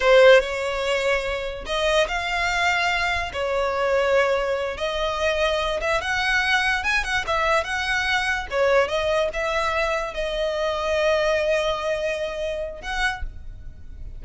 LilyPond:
\new Staff \with { instrumentName = "violin" } { \time 4/4 \tempo 4 = 145 c''4 cis''2. | dis''4 f''2. | cis''2.~ cis''8 dis''8~ | dis''2 e''8 fis''4.~ |
fis''8 gis''8 fis''8 e''4 fis''4.~ | fis''8 cis''4 dis''4 e''4.~ | e''8 dis''2.~ dis''8~ | dis''2. fis''4 | }